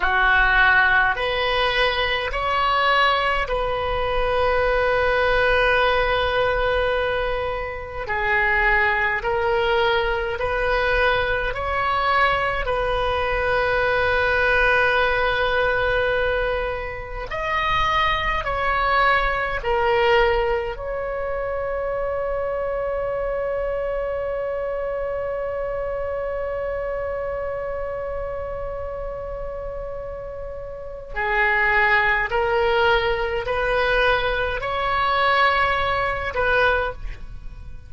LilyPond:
\new Staff \with { instrumentName = "oboe" } { \time 4/4 \tempo 4 = 52 fis'4 b'4 cis''4 b'4~ | b'2. gis'4 | ais'4 b'4 cis''4 b'4~ | b'2. dis''4 |
cis''4 ais'4 cis''2~ | cis''1~ | cis''2. gis'4 | ais'4 b'4 cis''4. b'8 | }